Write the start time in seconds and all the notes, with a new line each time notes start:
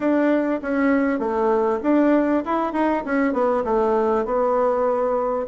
0.00 D4
0.62 C#4
1.19 A3
1.83 D4
2.45 E4
2.72 D#4
3.05 C#4
3.33 B3
3.64 A3
4.25 B3